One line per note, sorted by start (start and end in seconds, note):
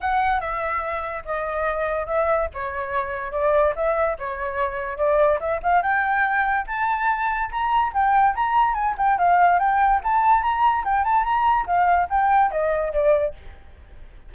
0.01 0.40 F#5
0.40 1.23 E5
1.25 2.06 D#5
2.06 2.48 E5
2.53 3.32 C#5
3.32 3.73 D5
3.75 4.17 E5
4.18 4.97 C#5
4.97 5.39 D5
5.40 5.60 E5
5.62 5.82 F5
5.82 6.66 G5
6.67 7.50 A5
7.51 7.92 A#5
7.93 8.34 G5
8.35 8.74 A#5
8.74 8.95 G#5
8.97 9.18 G5
9.18 9.59 F5
9.59 10.00 G5
10.03 10.42 A5
10.42 10.84 A#5
10.84 11.04 G5
11.04 11.24 A5
11.24 11.66 A#5
11.66 12.08 F5
12.09 12.51 G5
12.51 12.92 D#5
12.92 13.34 D5